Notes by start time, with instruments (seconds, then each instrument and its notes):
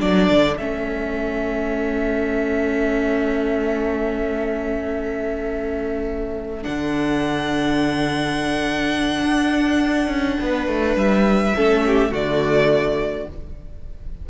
0.00 cello F#3, viola D4, violin A4 D5
0.31 cello D3
0.58 cello A3, viola C#4, violin E5
6.62 cello D3, viola D4, violin F#5
9.23 cello D4
10.08 cello C#4
10.41 cello B3, violin B4
10.68 cello A3
10.96 cello G3, violin E5
11.56 cello A3, viola C#4, violin A4
11.87 violin G4
12.12 cello D3, viola A3, violin F#4 D5